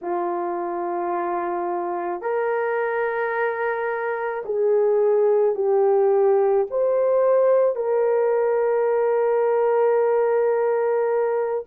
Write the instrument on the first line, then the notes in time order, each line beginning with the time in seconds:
horn
0.01 F4
2.21 A#4
4.45 G#4
5.55 G4
6.70 C5
7.75 A#4